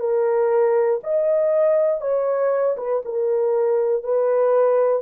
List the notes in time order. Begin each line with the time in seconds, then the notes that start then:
0.00 A#4
1.04 D#5
2.02 C#5
2.77 B4
3.05 A#4
4.04 B4